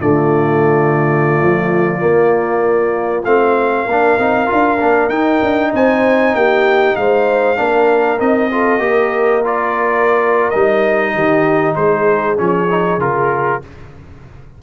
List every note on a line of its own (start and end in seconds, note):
0.00 1.40 D3
0.00 1.99 A3
0.00 3.85 F4
0.00 3.24 D5
1.41 2.03 F3
1.99 3.23 A#3
1.99 3.24 A#3
3.24 3.86 A3
3.24 3.88 C4
3.24 5.09 F5
3.85 4.18 A#3
3.85 5.70 A#4
3.91 4.19 D4
4.18 4.49 C4
4.18 4.47 D#4
4.47 4.82 D4
4.47 4.78 F4
4.80 5.09 A#3
4.80 5.11 D4
5.09 5.40 D#4
5.09 7.56 D#4
5.09 5.71 G5
5.42 5.73 D4
5.74 6.34 C4
5.74 6.36 C5
5.74 6.35 G#5
6.34 6.96 A#3
6.34 6.98 G4
6.34 6.96 G5
6.96 7.58 G#3
6.96 7.59 C5
6.96 8.20 F5
7.56 8.20 A#3
7.56 8.18 D4
7.56 8.51 A#4
8.20 8.79 C4
8.20 8.51 D#4
8.20 9.44 D#5
8.51 8.79 F4
8.51 8.83 A4
8.79 10.49 A#3
8.79 9.41 G4
8.79 11.14 A#4
9.44 10.52 F4
9.44 10.50 D5
10.50 11.14 G3
10.50 12.37 D#4
10.50 11.74 D#5
11.14 11.76 D#3
11.14 11.76 G4
11.75 12.37 G#3
11.75 13.62 G#4
11.75 12.37 C5
12.37 12.98 F3
12.37 12.68 C#4
12.37 13.01 C#5
12.70 13.00 D#4
12.98 13.60 C#3
12.98 13.62 F4
12.98 13.63 A#4